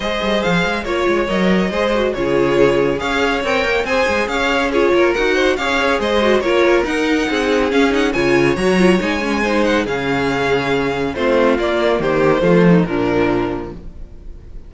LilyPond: <<
  \new Staff \with { instrumentName = "violin" } { \time 4/4 \tempo 4 = 140 dis''4 f''4 cis''4 dis''4~ | dis''4 cis''2 f''4 | g''4 gis''4 f''4 cis''4 | fis''4 f''4 dis''4 cis''4 |
fis''2 f''8 fis''8 gis''4 | ais''4 gis''4. fis''8 f''4~ | f''2 c''4 d''4 | c''2 ais'2 | }
  \new Staff \with { instrumentName = "violin" } { \time 4/4 c''2 cis''2 | c''4 gis'2 cis''4~ | cis''4 c''4 cis''4 gis'8 ais'8~ | ais'8 c''8 cis''4 c''4 ais'4~ |
ais'4 gis'2 cis''4~ | cis''2 c''4 gis'4~ | gis'2 f'2 | g'4 f'8 dis'8 d'2 | }
  \new Staff \with { instrumentName = "viola" } { \time 4/4 gis'2 f'4 ais'4 | gis'8 fis'8 f'2 gis'4 | ais'4 gis'2 f'4 | fis'4 gis'4. fis'8 f'4 |
dis'2 cis'8 dis'8 f'4 | fis'8 f'8 dis'8 cis'8 dis'4 cis'4~ | cis'2 c'4 ais4~ | ais4 a4 f2 | }
  \new Staff \with { instrumentName = "cello" } { \time 4/4 gis8 g8 f8 gis8 ais8 gis8 fis4 | gis4 cis2 cis'4 | c'8 ais8 c'8 gis8 cis'4. ais8 | dis'4 cis'4 gis4 ais4 |
dis'4 c'4 cis'4 cis4 | fis4 gis2 cis4~ | cis2 a4 ais4 | dis4 f4 ais,2 | }
>>